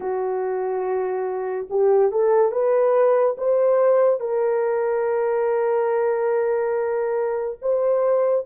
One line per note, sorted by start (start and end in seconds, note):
0.00 1.67 F#4
1.70 2.11 G4
2.11 2.51 A4
2.51 3.36 B4
3.37 4.20 C5
4.20 7.58 A#4
7.61 8.46 C5